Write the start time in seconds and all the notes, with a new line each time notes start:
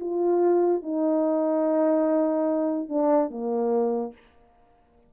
0.00 F4
0.83 D#4
2.89 D4
3.31 A#3